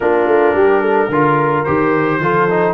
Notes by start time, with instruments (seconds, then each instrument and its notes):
0.00 tuba A#3, trombone D4, horn F4, trumpet A#4
0.26 tuba A3
0.53 tuba G3, horn G4
0.81 horn A4
1.08 tuba D3, trombone F4, horn A#4
1.63 tuba D#3, trombone G4, trumpet C5
2.20 tuba F3, trombone F4, horn A4
2.49 trombone D#4